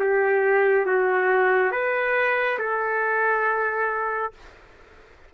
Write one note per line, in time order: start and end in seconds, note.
0.00 0.86 G4
0.86 1.72 F#4
1.72 2.58 B4
2.59 4.33 A4